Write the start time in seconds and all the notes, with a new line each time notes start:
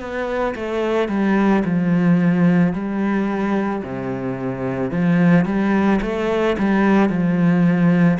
0.00 B3
0.56 A3
1.09 G3
1.65 F3
2.73 G3
3.83 C3
4.91 F3
5.45 G3
6.01 A3
6.59 G3
7.09 F3